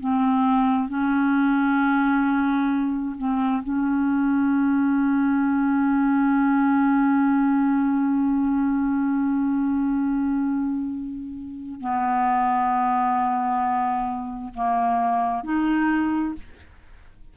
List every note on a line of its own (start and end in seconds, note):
0.00 0.88 C4
0.88 3.16 C#4
3.17 3.63 C4
3.63 11.81 C#4
11.81 14.53 B3
14.54 15.44 A#3
15.44 16.35 D#4